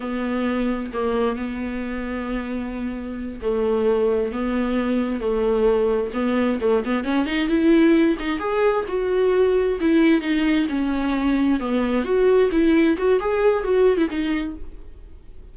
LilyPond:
\new Staff \with { instrumentName = "viola" } { \time 4/4 \tempo 4 = 132 b2 ais4 b4~ | b2.~ b8 a8~ | a4. b2 a8~ | a4. b4 a8 b8 cis'8 |
dis'8 e'4. dis'8 gis'4 fis'8~ | fis'4. e'4 dis'4 cis'8~ | cis'4. b4 fis'4 e'8~ | e'8 fis'8 gis'4 fis'8. e'16 dis'4 | }